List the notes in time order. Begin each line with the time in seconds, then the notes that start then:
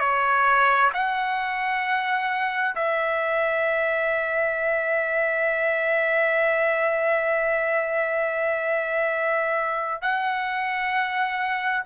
0.00 C#5
0.94 F#5
2.76 E5
10.02 F#5